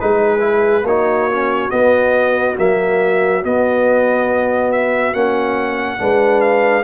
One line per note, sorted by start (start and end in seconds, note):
0.00 0.83 G#3
0.00 0.39 D#4
0.00 0.84 G#4
0.00 0.86 B4
0.39 0.82 E4
0.83 1.69 A#3
0.83 1.30 D#4
0.83 5.98 F#4
0.83 1.70 C#5
1.31 1.70 C#4
1.70 2.56 B3
1.70 2.58 B3
1.70 2.56 D#5
2.57 3.44 F#3
2.57 3.42 A#3
2.57 3.44 E5
3.42 5.14 B3
3.42 5.13 B3
3.42 4.71 D#5
4.71 5.13 E5
5.13 5.99 A#3
5.13 5.97 C#4
5.13 6.41 F#5
5.97 6.84 G#3
5.97 6.83 D4
5.97 6.84 B4
6.41 6.84 F5